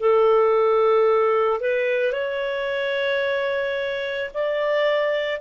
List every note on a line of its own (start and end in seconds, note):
0.00 1.61 A4
1.61 2.13 B4
2.13 4.31 C#5
4.34 5.41 D5